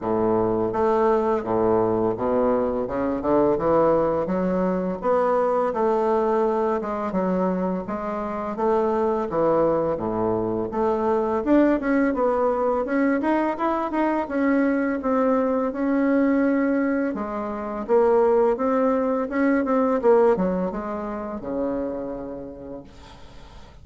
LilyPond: \new Staff \with { instrumentName = "bassoon" } { \time 4/4 \tempo 4 = 84 a,4 a4 a,4 b,4 | cis8 d8 e4 fis4 b4 | a4. gis8 fis4 gis4 | a4 e4 a,4 a4 |
d'8 cis'8 b4 cis'8 dis'8 e'8 dis'8 | cis'4 c'4 cis'2 | gis4 ais4 c'4 cis'8 c'8 | ais8 fis8 gis4 cis2 | }